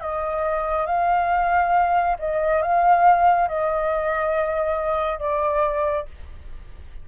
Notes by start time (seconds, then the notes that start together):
0.00 D#5
0.86 F5
2.19 D#5
2.62 F5
3.48 D#5
5.19 D5